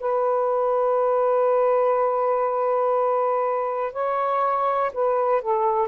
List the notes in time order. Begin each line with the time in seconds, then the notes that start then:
0.00 B4
3.93 C#5
4.94 B4
5.42 A4